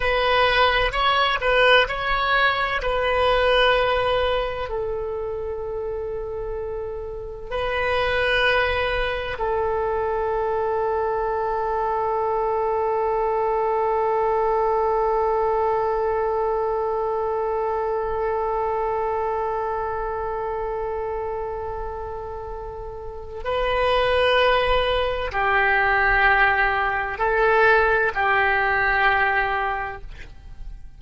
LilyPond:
\new Staff \with { instrumentName = "oboe" } { \time 4/4 \tempo 4 = 64 b'4 cis''8 b'8 cis''4 b'4~ | b'4 a'2. | b'2 a'2~ | a'1~ |
a'1~ | a'1~ | a'4 b'2 g'4~ | g'4 a'4 g'2 | }